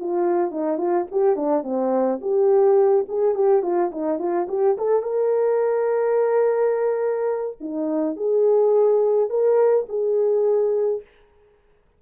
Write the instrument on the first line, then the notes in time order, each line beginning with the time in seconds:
horn
0.00 F4
0.51 D#4
0.78 F4
1.11 G4
1.36 D4
1.63 C4
2.21 G4
3.09 G#4
3.35 G4
3.63 F4
3.92 D#4
4.19 F4
4.49 G4
4.78 A4
5.03 A#4
7.61 D#4
8.17 G#4
9.30 A#4
9.89 G#4